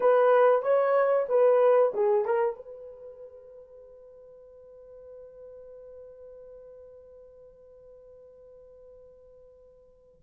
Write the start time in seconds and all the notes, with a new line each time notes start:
0.00 B4
0.62 C#5
1.29 B4
1.94 G#4
2.25 A#4
2.55 B4